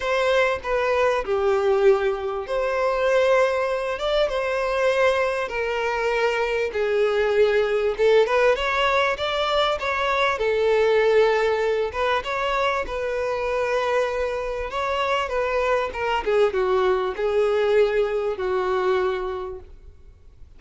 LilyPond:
\new Staff \with { instrumentName = "violin" } { \time 4/4 \tempo 4 = 98 c''4 b'4 g'2 | c''2~ c''8 d''8 c''4~ | c''4 ais'2 gis'4~ | gis'4 a'8 b'8 cis''4 d''4 |
cis''4 a'2~ a'8 b'8 | cis''4 b'2. | cis''4 b'4 ais'8 gis'8 fis'4 | gis'2 fis'2 | }